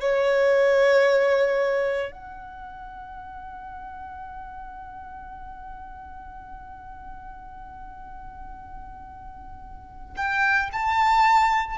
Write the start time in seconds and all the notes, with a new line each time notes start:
0.00 C#5
2.12 F#5
10.16 G5
10.72 A5